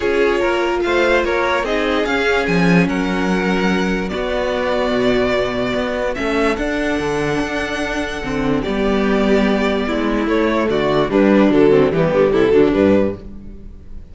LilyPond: <<
  \new Staff \with { instrumentName = "violin" } { \time 4/4 \tempo 4 = 146 cis''2 f''4 cis''4 | dis''4 f''4 gis''4 fis''4~ | fis''2 d''2~ | d''2. e''4 |
fis''1~ | fis''4 d''2.~ | d''4 cis''4 d''4 b'4 | a'4 g'4 a'4 b'4 | }
  \new Staff \with { instrumentName = "violin" } { \time 4/4 gis'4 ais'4 c''4 ais'4 | gis'2. ais'4~ | ais'2 fis'2~ | fis'2. a'4~ |
a'1~ | a'4 g'2. | e'2 fis'4 d'4~ | d'8 c'8 b4 e'8 d'4. | }
  \new Staff \with { instrumentName = "viola" } { \time 4/4 f'1 | dis'4 cis'2.~ | cis'2 b2~ | b2. cis'4 |
d'1 | c'4 b2.~ | b4 a2 g4 | fis4 g4. fis8 g4 | }
  \new Staff \with { instrumentName = "cello" } { \time 4/4 cis'4 ais4 a4 ais4 | c'4 cis'4 f4 fis4~ | fis2 b2 | b,2 b4 a4 |
d'4 d4 d'2 | d4 g2. | gis4 a4 d4 g4 | d4 e8 d8 c8 d8 g,4 | }
>>